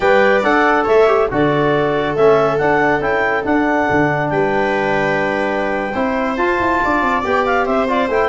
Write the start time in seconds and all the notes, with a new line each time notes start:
0.00 G3 B4 D5 G5
0.42 D4 A4 F#5
0.83 A3 C#5 E5
1.07 G4
1.31 D3 F#4 A4 D5
2.16 A3 C#4 E5
2.58 D4 F#5
3.00 C#4 E4 G5
3.43 D4 F#5
3.90 D3
4.29 G3 B4 G5
5.94 C4 E4 C5
6.36 F4 A5
6.59 E4
6.84 D4 D5
7.01 C4
7.23 B3 G4 G5
7.45 F5
7.65 C4 C5 E5
7.88 F4 D5
8.08 A3 E4 G5